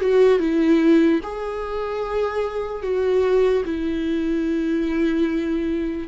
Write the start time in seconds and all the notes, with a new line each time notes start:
0.00 F#4
0.39 E4
1.22 G#4
2.82 F#4
3.64 E4